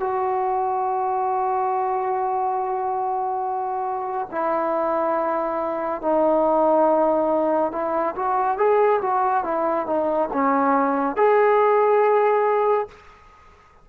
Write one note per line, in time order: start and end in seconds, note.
0.00 4.29 F#4
4.32 6.02 E4
6.02 7.73 D#4
7.73 8.15 E4
8.16 8.58 F#4
8.58 9.01 G#4
9.02 9.44 F#4
9.44 9.87 E4
9.87 10.30 D#4
10.33 11.17 C#4
11.17 12.88 G#4